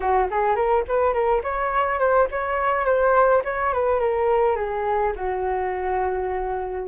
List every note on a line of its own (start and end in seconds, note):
0.00 0.29 F#4
0.30 0.55 G#4
0.55 0.84 A#4
0.88 1.13 B4
1.13 1.42 A#4
1.43 1.99 C#5
1.99 2.27 C5
2.31 2.85 C#5
2.85 3.42 C5
3.44 3.73 C#5
3.73 3.99 B4
3.99 4.56 A#4
4.56 5.13 G#4
5.16 6.87 F#4